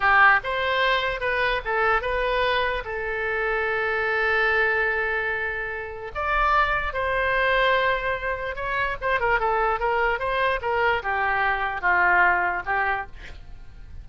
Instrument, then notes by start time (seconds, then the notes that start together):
oboe
0.00 G4
0.43 C5
1.20 B4
1.65 A4
2.01 B4
2.85 A4
6.14 D5
6.93 C5
8.55 C#5
9.01 C5
9.19 A#4
9.39 A4
9.79 A#4
10.19 C5
10.61 A#4
11.03 G4
11.81 F4
12.65 G4